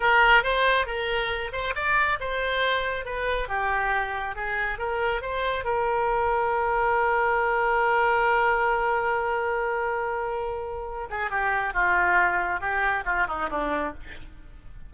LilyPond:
\new Staff \with { instrumentName = "oboe" } { \time 4/4 \tempo 4 = 138 ais'4 c''4 ais'4. c''8 | d''4 c''2 b'4 | g'2 gis'4 ais'4 | c''4 ais'2.~ |
ais'1~ | ais'1~ | ais'4. gis'8 g'4 f'4~ | f'4 g'4 f'8 dis'8 d'4 | }